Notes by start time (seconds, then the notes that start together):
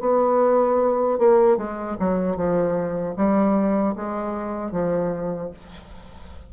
0.00 B3
1.18 A#3
1.57 G#3
1.99 F#3
2.36 F3
3.16 G3
3.95 G#3
4.72 F3